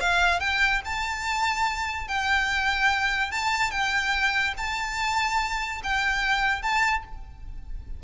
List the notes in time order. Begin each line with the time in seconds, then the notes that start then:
0.00 F5
0.39 G5
0.85 A5
2.07 G5
3.31 A5
3.71 G5
4.57 A5
5.83 G5
6.62 A5